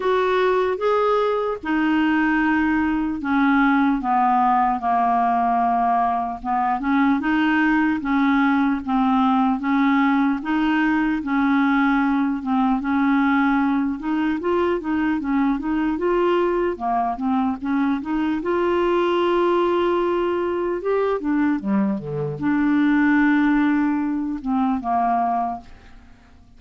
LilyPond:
\new Staff \with { instrumentName = "clarinet" } { \time 4/4 \tempo 4 = 75 fis'4 gis'4 dis'2 | cis'4 b4 ais2 | b8 cis'8 dis'4 cis'4 c'4 | cis'4 dis'4 cis'4. c'8 |
cis'4. dis'8 f'8 dis'8 cis'8 dis'8 | f'4 ais8 c'8 cis'8 dis'8 f'4~ | f'2 g'8 d'8 g8 d8 | d'2~ d'8 c'8 ais4 | }